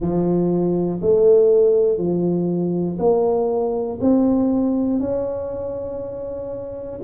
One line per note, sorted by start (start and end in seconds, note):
0.00 1.00 F3
1.01 1.98 A3
1.98 2.98 F3
2.98 3.98 A#3
4.00 5.00 C4
5.00 7.00 C#4